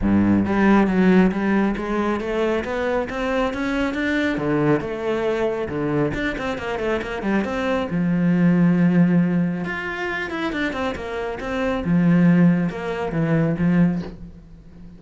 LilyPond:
\new Staff \with { instrumentName = "cello" } { \time 4/4 \tempo 4 = 137 g,4 g4 fis4 g4 | gis4 a4 b4 c'4 | cis'4 d'4 d4 a4~ | a4 d4 d'8 c'8 ais8 a8 |
ais8 g8 c'4 f2~ | f2 f'4. e'8 | d'8 c'8 ais4 c'4 f4~ | f4 ais4 e4 f4 | }